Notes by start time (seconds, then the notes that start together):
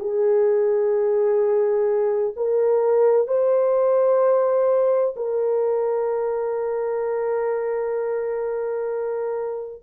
0.00 G#4
2.37 A#4
3.28 C5
5.16 A#4